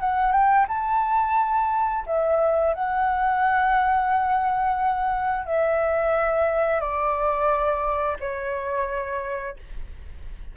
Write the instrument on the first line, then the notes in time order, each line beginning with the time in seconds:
flute
0.00 F#5
0.32 G5
0.68 A5
2.06 E5
2.74 F#5
5.45 E5
6.81 D5
8.20 C#5